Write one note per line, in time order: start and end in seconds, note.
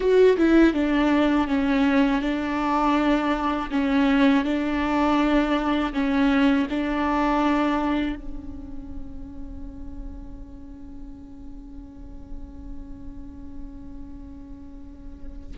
0.00 0.37 F#4
0.37 0.73 E4
0.73 1.47 D4
1.47 2.21 C#4
2.21 3.69 D4
3.70 4.44 C#4
4.44 5.93 D4
5.93 6.67 C#4
6.70 8.15 D4
8.15 15.56 C#4